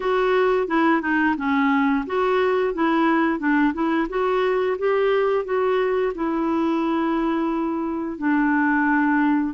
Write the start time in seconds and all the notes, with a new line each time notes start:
0.00 F#4
0.67 E4
1.01 D#4
1.37 C#4
2.06 F#4
2.74 E4
3.39 D4
3.73 E4
4.09 F#4
4.78 G4
5.44 F#4
6.14 E4
8.18 D4